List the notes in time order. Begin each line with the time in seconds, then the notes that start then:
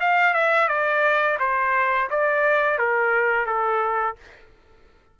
0.00 F5
0.34 E5
0.68 D5
1.39 C5
2.10 D5
2.78 A#4
3.46 A4